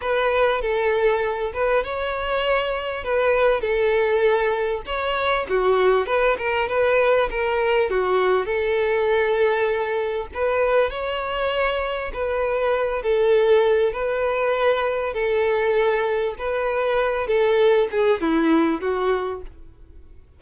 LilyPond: \new Staff \with { instrumentName = "violin" } { \time 4/4 \tempo 4 = 99 b'4 a'4. b'8 cis''4~ | cis''4 b'4 a'2 | cis''4 fis'4 b'8 ais'8 b'4 | ais'4 fis'4 a'2~ |
a'4 b'4 cis''2 | b'4. a'4. b'4~ | b'4 a'2 b'4~ | b'8 a'4 gis'8 e'4 fis'4 | }